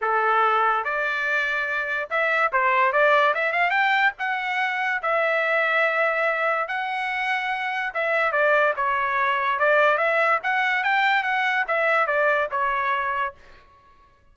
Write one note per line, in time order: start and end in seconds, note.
0.01 0.84 A4
0.84 2.09 D5
2.09 2.51 E5
2.52 2.92 C5
2.92 3.34 D5
3.34 3.52 E5
3.52 3.70 F5
3.70 4.12 G5
4.18 5.02 F#5
5.02 6.68 E5
6.68 7.93 F#5
7.93 8.32 E5
8.32 8.73 D5
8.76 9.59 C#5
9.59 9.97 D5
9.97 10.39 E5
10.43 10.83 F#5
10.83 11.23 G5
11.23 11.64 F#5
11.67 12.06 E5
12.06 12.48 D5
12.51 13.34 C#5